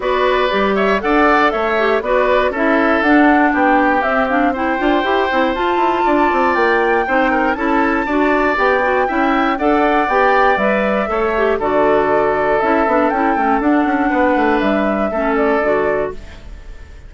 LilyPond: <<
  \new Staff \with { instrumentName = "flute" } { \time 4/4 \tempo 4 = 119 d''4. e''8 fis''4 e''4 | d''4 e''4 fis''4 g''4 | e''8 f''8 g''2 a''4~ | a''4 g''2 a''4~ |
a''4 g''2 fis''4 | g''4 e''2 d''4~ | d''4 e''4 g''4 fis''4~ | fis''4 e''4. d''4. | }
  \new Staff \with { instrumentName = "oboe" } { \time 4/4 b'4. cis''8 d''4 cis''4 | b'4 a'2 g'4~ | g'4 c''2. | d''2 c''8 ais'8 a'4 |
d''2 e''4 d''4~ | d''2 cis''4 a'4~ | a'1 | b'2 a'2 | }
  \new Staff \with { instrumentName = "clarinet" } { \time 4/4 fis'4 g'4 a'4. g'8 | fis'4 e'4 d'2 | c'8 d'8 e'8 f'8 g'8 e'8 f'4~ | f'2 dis'4 e'4 |
fis'4 g'8 fis'8 e'4 a'4 | g'4 b'4 a'8 g'8 fis'4~ | fis'4 e'8 d'8 e'8 cis'8 d'4~ | d'2 cis'4 fis'4 | }
  \new Staff \with { instrumentName = "bassoon" } { \time 4/4 b4 g4 d'4 a4 | b4 cis'4 d'4 b4 | c'4. d'8 e'8 c'8 f'8 e'8 | d'8 c'8 ais4 c'4 cis'4 |
d'4 b4 cis'4 d'4 | b4 g4 a4 d4~ | d4 cis'8 b8 cis'8 a8 d'8 cis'8 | b8 a8 g4 a4 d4 | }
>>